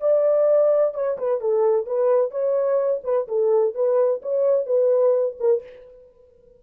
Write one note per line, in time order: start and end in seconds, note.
0.00 0.94 D5
0.94 1.17 C#5
1.18 1.40 B4
1.40 1.86 A4
1.86 2.31 B4
2.31 3.01 C#5
3.04 3.27 B4
3.27 3.74 A4
3.75 4.21 B4
4.22 4.66 C#5
4.66 5.37 B4
5.39 5.63 A#4